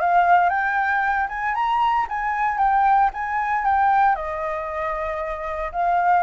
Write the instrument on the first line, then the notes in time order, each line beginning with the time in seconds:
flute
0.00 F5
0.49 G5
1.29 G#5
1.54 A#5
2.09 G#5
2.58 G5
3.13 G#5
3.65 G5
4.15 D#5
5.72 F5